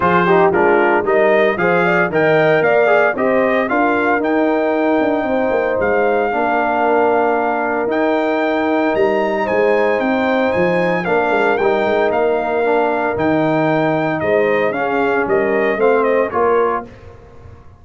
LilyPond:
<<
  \new Staff \with { instrumentName = "trumpet" } { \time 4/4 \tempo 4 = 114 c''4 ais'4 dis''4 f''4 | g''4 f''4 dis''4 f''4 | g''2. f''4~ | f''2. g''4~ |
g''4 ais''4 gis''4 g''4 | gis''4 f''4 g''4 f''4~ | f''4 g''2 dis''4 | f''4 dis''4 f''8 dis''8 cis''4 | }
  \new Staff \with { instrumentName = "horn" } { \time 4/4 gis'8 g'8 f'4 ais'4 c''8 d''8 | dis''4 d''4 c''4 ais'4~ | ais'2 c''2 | ais'1~ |
ais'2 c''2~ | c''4 ais'2.~ | ais'2. c''4 | gis'4 ais'4 c''4 ais'4 | }
  \new Staff \with { instrumentName = "trombone" } { \time 4/4 f'8 dis'8 d'4 dis'4 gis'4 | ais'4. gis'8 g'4 f'4 | dis'1 | d'2. dis'4~ |
dis'1~ | dis'4 d'4 dis'2 | d'4 dis'2. | cis'2 c'4 f'4 | }
  \new Staff \with { instrumentName = "tuba" } { \time 4/4 f4 gis4 g4 f4 | dis4 ais4 c'4 d'4 | dis'4. d'8 c'8 ais8 gis4 | ais2. dis'4~ |
dis'4 g4 gis4 c'4 | f4 ais8 gis8 g8 gis8 ais4~ | ais4 dis2 gis4 | cis'4 g4 a4 ais4 | }
>>